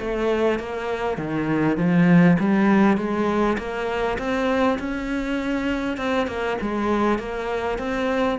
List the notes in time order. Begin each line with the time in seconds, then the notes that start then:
0.00 A3
0.59 A#3
1.18 D#3
1.78 F3
2.39 G3
2.97 G#3
3.58 A#3
4.19 C4
4.79 C#4
5.97 C4
6.28 A#3
6.61 G#3
7.19 A#3
7.79 C4